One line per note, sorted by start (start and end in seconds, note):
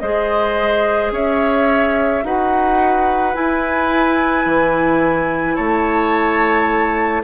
0.00 1.12 G#3
0.00 2.23 G#4
0.00 1.13 C5
0.00 1.11 D#5
1.12 2.23 C#4
1.12 2.24 C#5
1.12 2.26 E5
2.23 3.35 D#4
2.23 3.34 F#4
2.23 5.56 B4
2.23 3.35 F#5
3.34 7.23 E4
3.34 4.46 E4
3.34 5.56 G#5
4.46 5.57 E3
5.56 7.24 A3
5.56 7.23 C#5
5.56 7.22 A5